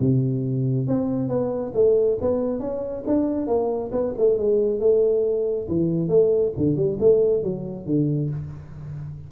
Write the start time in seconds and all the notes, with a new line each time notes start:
0.00 C3
0.88 C4
1.29 B3
1.75 A3
2.21 B3
2.60 C#4
3.07 D4
3.47 A#3
3.92 B3
4.18 A3
4.38 G#3
4.80 A3
5.68 E3
6.09 A3
6.57 D3
6.76 G3
7.00 A3
7.44 F#3
7.86 D3